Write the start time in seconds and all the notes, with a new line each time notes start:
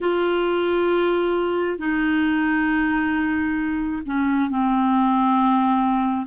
0.00 F4
1.78 D#4
4.05 C#4
4.50 C4